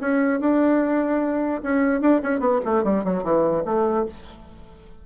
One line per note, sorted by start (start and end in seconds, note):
0.00 0.40 C#4
0.40 1.61 D4
1.62 2.00 C#4
2.00 2.21 D4
2.23 2.39 C#4
2.39 2.60 B3
2.65 2.83 A3
2.83 3.04 G3
3.04 3.23 F#3
3.23 3.63 E3
3.65 4.05 A3